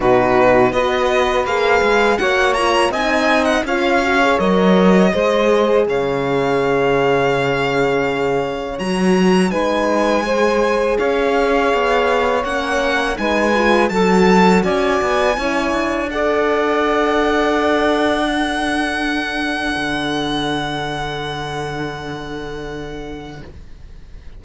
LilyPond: <<
  \new Staff \with { instrumentName = "violin" } { \time 4/4 \tempo 4 = 82 b'4 dis''4 f''4 fis''8 ais''8 | gis''8. fis''16 f''4 dis''2 | f''1 | ais''4 gis''2 f''4~ |
f''4 fis''4 gis''4 a''4 | gis''2 fis''2~ | fis''1~ | fis''1 | }
  \new Staff \with { instrumentName = "saxophone" } { \time 4/4 fis'4 b'2 cis''4 | dis''4 cis''2 c''4 | cis''1~ | cis''4 b'4 c''4 cis''4~ |
cis''2 b'4 a'4 | d''4 cis''4 d''2~ | d''4 a'2.~ | a'1 | }
  \new Staff \with { instrumentName = "horn" } { \time 4/4 dis'4 fis'4 gis'4 fis'8 f'8 | dis'4 f'8 fis'16 gis'16 ais'4 gis'4~ | gis'1 | fis'4 dis'4 gis'2~ |
gis'4 cis'4 dis'8 f'8 fis'4~ | fis'4 e'4 a'2~ | a'4 d'2.~ | d'1 | }
  \new Staff \with { instrumentName = "cello" } { \time 4/4 b,4 b4 ais8 gis8 ais4 | c'4 cis'4 fis4 gis4 | cis1 | fis4 gis2 cis'4 |
b4 ais4 gis4 fis4 | cis'8 b8 cis'8 d'2~ d'8~ | d'2. d4~ | d1 | }
>>